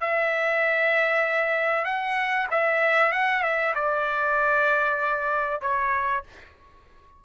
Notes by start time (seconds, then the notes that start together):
0.00 E5
1.84 F#5
2.51 E5
3.12 F#5
3.43 E5
3.74 D5
5.61 C#5